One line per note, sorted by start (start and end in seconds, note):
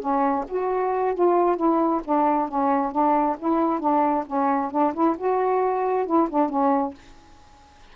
0.00 0.45 C#4
0.49 1.15 F#4
1.15 1.57 F4
1.57 2.01 E4
2.05 2.49 D4
2.49 2.92 C#4
2.92 3.36 D4
3.39 3.80 E4
3.80 4.25 D4
4.27 4.71 C#4
4.71 4.93 D4
4.94 5.16 E4
5.18 6.06 F#4
6.06 6.29 E4
6.30 6.49 D4
6.49 6.94 C#4